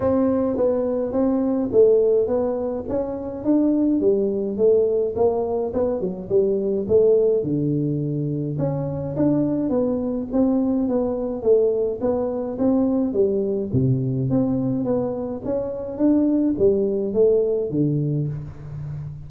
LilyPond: \new Staff \with { instrumentName = "tuba" } { \time 4/4 \tempo 4 = 105 c'4 b4 c'4 a4 | b4 cis'4 d'4 g4 | a4 ais4 b8 fis8 g4 | a4 d2 cis'4 |
d'4 b4 c'4 b4 | a4 b4 c'4 g4 | c4 c'4 b4 cis'4 | d'4 g4 a4 d4 | }